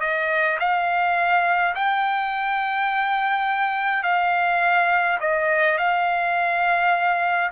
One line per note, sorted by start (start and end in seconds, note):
0.00 0.58 D#5
0.59 1.75 F5
1.75 4.03 G5
4.03 5.18 F5
5.20 5.77 D#5
5.77 7.51 F5